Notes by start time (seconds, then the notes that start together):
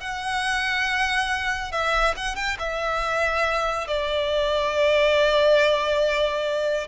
0.00 F#5
1.71 E5
2.16 F#5
2.35 G5
2.59 E5
3.87 D5